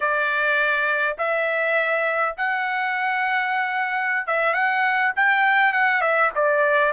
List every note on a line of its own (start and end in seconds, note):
0.00 1.16 D5
1.18 2.35 E5
2.37 4.26 F#5
4.26 4.53 E5
4.53 5.12 F#5
5.16 5.72 G5
5.72 6.01 F#5
6.01 6.30 E5
6.35 6.92 D5